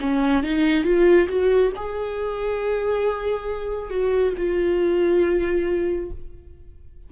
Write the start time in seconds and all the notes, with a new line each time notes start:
0.00 C#4
0.43 D#4
0.84 F4
1.28 F#4
1.76 G#4
3.90 F#4
4.37 F4